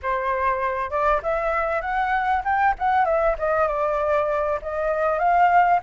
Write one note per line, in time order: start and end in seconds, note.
0.02 0.90 C5
0.90 1.21 D5
1.22 1.81 E5
1.81 2.42 F#5
2.44 2.74 G5
2.79 3.05 F#5
3.05 3.35 E5
3.38 3.67 D#5
3.67 4.59 D5
4.61 5.18 D#5
5.18 5.80 F5